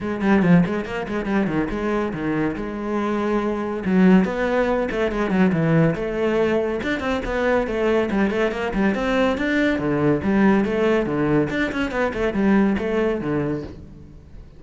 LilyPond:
\new Staff \with { instrumentName = "cello" } { \time 4/4 \tempo 4 = 141 gis8 g8 f8 gis8 ais8 gis8 g8 dis8 | gis4 dis4 gis2~ | gis4 fis4 b4. a8 | gis8 fis8 e4 a2 |
d'8 c'8 b4 a4 g8 a8 | ais8 g8 c'4 d'4 d4 | g4 a4 d4 d'8 cis'8 | b8 a8 g4 a4 d4 | }